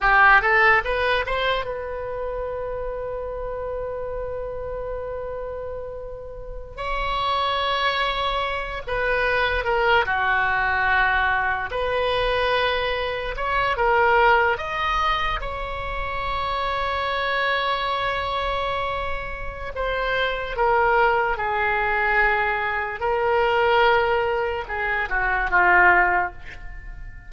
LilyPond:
\new Staff \with { instrumentName = "oboe" } { \time 4/4 \tempo 4 = 73 g'8 a'8 b'8 c''8 b'2~ | b'1~ | b'16 cis''2~ cis''8 b'4 ais'16~ | ais'16 fis'2 b'4.~ b'16~ |
b'16 cis''8 ais'4 dis''4 cis''4~ cis''16~ | cis''1 | c''4 ais'4 gis'2 | ais'2 gis'8 fis'8 f'4 | }